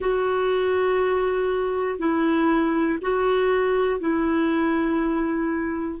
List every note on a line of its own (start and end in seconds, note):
0.00 1.98 F#4
1.98 2.98 E4
3.01 4.00 F#4
4.00 6.00 E4